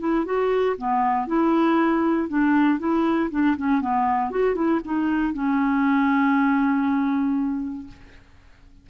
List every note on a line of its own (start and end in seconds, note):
0.00 0.25 E4
0.26 0.77 F#4
0.78 1.28 B3
1.28 2.29 E4
2.29 2.80 D4
2.80 3.31 E4
3.31 3.57 D4
3.58 3.82 C#4
3.82 4.31 B3
4.31 4.55 F#4
4.55 4.81 E4
4.85 5.34 D#4
5.34 7.88 C#4